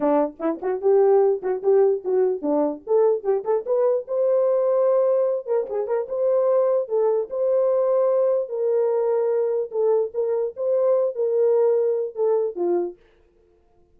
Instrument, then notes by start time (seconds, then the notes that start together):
horn
0.00 D4
0.39 E4
0.62 F#4
0.81 G4
1.42 F#4
1.63 G4
2.04 F#4
2.41 D4
2.86 A4
3.23 G4
3.44 A4
3.66 B4
4.07 C5
5.46 A#4
5.69 G#4
5.87 A#4
6.08 C5
6.88 A4
7.30 C5
8.48 A#4
9.71 A4
10.14 A#4
10.56 C5
11.15 A#4
12.15 A4
12.55 F4